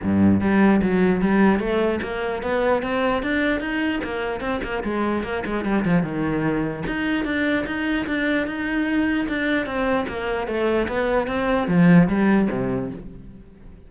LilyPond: \new Staff \with { instrumentName = "cello" } { \time 4/4 \tempo 4 = 149 g,4 g4 fis4 g4 | a4 ais4 b4 c'4 | d'4 dis'4 ais4 c'8 ais8 | gis4 ais8 gis8 g8 f8 dis4~ |
dis4 dis'4 d'4 dis'4 | d'4 dis'2 d'4 | c'4 ais4 a4 b4 | c'4 f4 g4 c4 | }